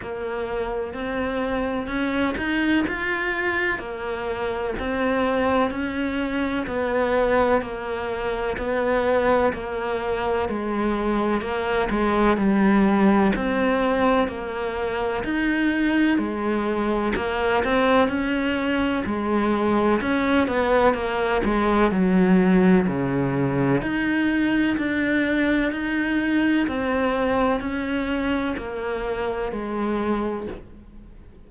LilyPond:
\new Staff \with { instrumentName = "cello" } { \time 4/4 \tempo 4 = 63 ais4 c'4 cis'8 dis'8 f'4 | ais4 c'4 cis'4 b4 | ais4 b4 ais4 gis4 | ais8 gis8 g4 c'4 ais4 |
dis'4 gis4 ais8 c'8 cis'4 | gis4 cis'8 b8 ais8 gis8 fis4 | cis4 dis'4 d'4 dis'4 | c'4 cis'4 ais4 gis4 | }